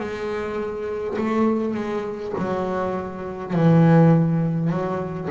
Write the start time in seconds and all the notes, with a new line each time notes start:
0.00 G#3
1.18 A3
1.75 G#3
2.39 F#3
3.53 E3
4.70 F#3